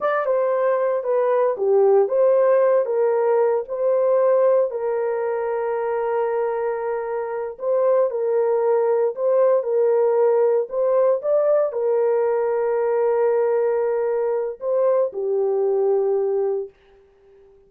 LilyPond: \new Staff \with { instrumentName = "horn" } { \time 4/4 \tempo 4 = 115 d''8 c''4. b'4 g'4 | c''4. ais'4. c''4~ | c''4 ais'2.~ | ais'2~ ais'8 c''4 ais'8~ |
ais'4. c''4 ais'4.~ | ais'8 c''4 d''4 ais'4.~ | ais'1 | c''4 g'2. | }